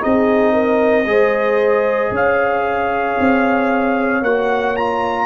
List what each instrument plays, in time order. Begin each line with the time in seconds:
0.00 tuba C4, trombone D#4, horn G#4, trumpet D#5
0.53 horn A#4
1.06 tuba G#3, trombone G#4, horn C5
2.11 tuba C#4, horn C#5, trumpet F5
3.20 tuba C4
4.22 tuba A#3, trombone F#4, trumpet F#5
4.77 trombone F4, trumpet A#5